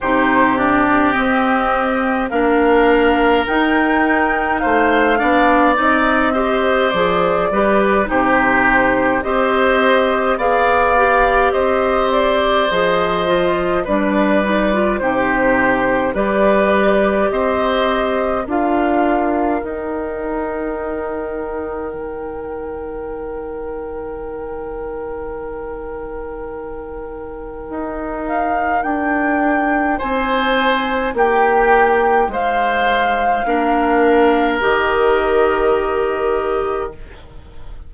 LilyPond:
<<
  \new Staff \with { instrumentName = "flute" } { \time 4/4 \tempo 4 = 52 c''8 d''8 dis''4 f''4 g''4 | f''4 dis''4 d''4 c''4 | dis''4 f''4 dis''8 d''8 dis''4 | d''4 c''4 d''4 dis''4 |
f''4 g''2.~ | g''1~ | g''8 f''8 g''4 gis''4 g''4 | f''2 dis''2 | }
  \new Staff \with { instrumentName = "oboe" } { \time 4/4 g'2 ais'2 | c''8 d''4 c''4 b'8 g'4 | c''4 d''4 c''2 | b'4 g'4 b'4 c''4 |
ais'1~ | ais'1~ | ais'2 c''4 g'4 | c''4 ais'2. | }
  \new Staff \with { instrumentName = "clarinet" } { \time 4/4 dis'8 d'8 c'4 d'4 dis'4~ | dis'8 d'8 dis'8 g'8 gis'8 g'8 dis'4 | g'4 gis'8 g'4. gis'8 f'8 | d'8 dis'16 f'16 dis'4 g'2 |
f'4 dis'2.~ | dis'1~ | dis'1~ | dis'4 d'4 g'2 | }
  \new Staff \with { instrumentName = "bassoon" } { \time 4/4 c4 c'4 ais4 dis'4 | a8 b8 c'4 f8 g8 c4 | c'4 b4 c'4 f4 | g4 c4 g4 c'4 |
d'4 dis'2 dis4~ | dis1 | dis'4 d'4 c'4 ais4 | gis4 ais4 dis2 | }
>>